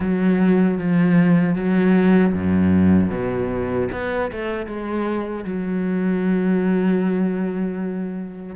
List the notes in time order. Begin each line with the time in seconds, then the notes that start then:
0.00 F#3
0.78 F3
1.55 F#3
2.33 F#2
3.11 B2
3.92 B3
4.31 A3
4.66 G#3
5.44 F#3